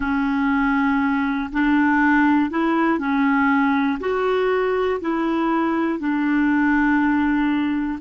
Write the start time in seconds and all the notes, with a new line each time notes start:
0.00 C#4
1.52 D4
2.50 E4
2.98 C#4
4.00 F#4
5.00 E4
5.99 D4